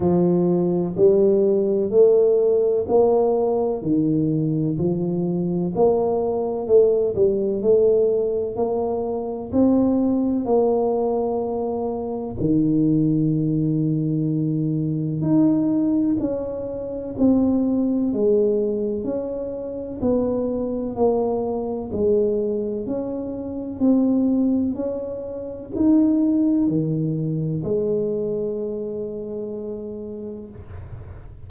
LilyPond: \new Staff \with { instrumentName = "tuba" } { \time 4/4 \tempo 4 = 63 f4 g4 a4 ais4 | dis4 f4 ais4 a8 g8 | a4 ais4 c'4 ais4~ | ais4 dis2. |
dis'4 cis'4 c'4 gis4 | cis'4 b4 ais4 gis4 | cis'4 c'4 cis'4 dis'4 | dis4 gis2. | }